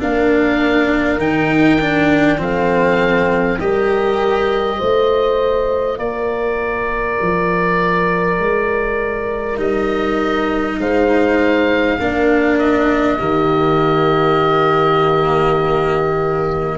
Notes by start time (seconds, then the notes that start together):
0.00 A#3 D4 A#4 F5
1.18 D#3 D#4 G5
1.81 D4
2.38 F3 C4 A4 F5
3.60 G3 G4 A#4 D#5
4.78 A3 F4 C5
5.98 A#3 A#4 D5
7.22 F3
8.39 G#3
9.58 G3 D#4 D#5
10.79 G#3 C5 F5
12.00 A#3 D4 A#4
12.59 D#5
13.18 D#3 A#3 G4